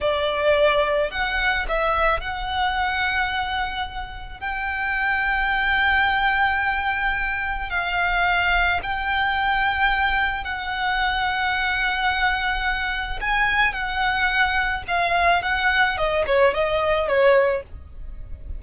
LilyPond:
\new Staff \with { instrumentName = "violin" } { \time 4/4 \tempo 4 = 109 d''2 fis''4 e''4 | fis''1 | g''1~ | g''2 f''2 |
g''2. fis''4~ | fis''1 | gis''4 fis''2 f''4 | fis''4 dis''8 cis''8 dis''4 cis''4 | }